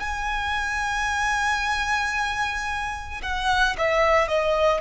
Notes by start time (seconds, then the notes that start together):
0.00 G#5
3.22 F#5
3.77 E5
4.28 D#5